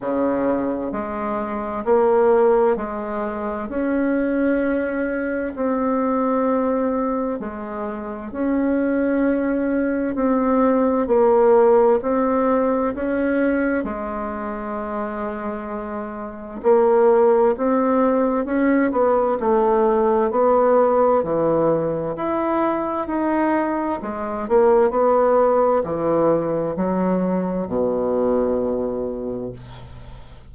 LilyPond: \new Staff \with { instrumentName = "bassoon" } { \time 4/4 \tempo 4 = 65 cis4 gis4 ais4 gis4 | cis'2 c'2 | gis4 cis'2 c'4 | ais4 c'4 cis'4 gis4~ |
gis2 ais4 c'4 | cis'8 b8 a4 b4 e4 | e'4 dis'4 gis8 ais8 b4 | e4 fis4 b,2 | }